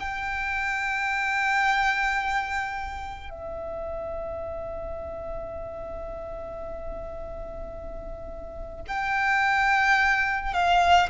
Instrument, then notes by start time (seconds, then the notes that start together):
violin
0.00 G5
3.30 E5
8.88 G5
10.54 F5